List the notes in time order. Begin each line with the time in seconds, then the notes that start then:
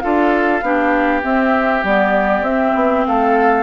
0.00 D4 F4 A4 F5
0.62 B3 D4 G4
1.22 C4 E5
1.83 G3 B3 D5
2.41 C4 E5
2.75 B3
3.06 A3 A4 F5